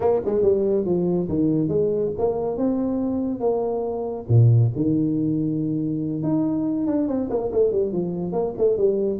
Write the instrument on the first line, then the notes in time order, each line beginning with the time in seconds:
tuba
0.00 A#3
0.25 G#3
0.42 G3
0.85 F3
1.28 D#3
1.68 G#3
2.18 A#3
2.57 C4
3.40 A#3
4.28 A#2
4.75 D#3
6.22 D#4
6.86 D4
7.07 C4
7.30 A#3
7.52 A3
7.72 G3
7.92 F3
8.32 A#3
8.57 A3
8.77 G3